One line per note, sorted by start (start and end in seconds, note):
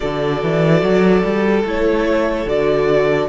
0.00 0.42 D3
0.00 1.64 F#4
0.00 3.28 A4
0.00 1.64 D5
0.42 0.82 E3
0.82 1.23 F#3
1.23 1.64 G3
1.64 2.45 A3
1.64 2.47 E4
1.64 2.48 C#5
2.45 3.28 D3
2.45 3.28 F#4
2.45 3.28 D5